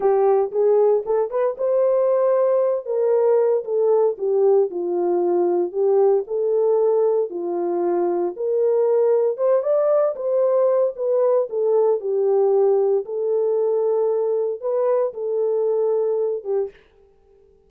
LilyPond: \new Staff \with { instrumentName = "horn" } { \time 4/4 \tempo 4 = 115 g'4 gis'4 a'8 b'8 c''4~ | c''4. ais'4. a'4 | g'4 f'2 g'4 | a'2 f'2 |
ais'2 c''8 d''4 c''8~ | c''4 b'4 a'4 g'4~ | g'4 a'2. | b'4 a'2~ a'8 g'8 | }